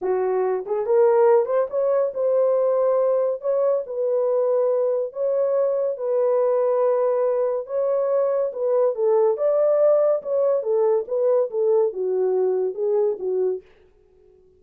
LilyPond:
\new Staff \with { instrumentName = "horn" } { \time 4/4 \tempo 4 = 141 fis'4. gis'8 ais'4. c''8 | cis''4 c''2. | cis''4 b'2. | cis''2 b'2~ |
b'2 cis''2 | b'4 a'4 d''2 | cis''4 a'4 b'4 a'4 | fis'2 gis'4 fis'4 | }